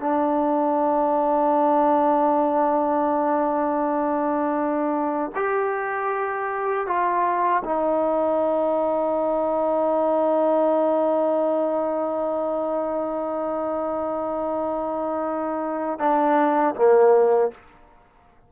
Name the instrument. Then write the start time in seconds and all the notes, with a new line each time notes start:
trombone
0.00 D4
5.35 G4
6.87 F4
7.65 D#4
15.99 D4
16.75 A#3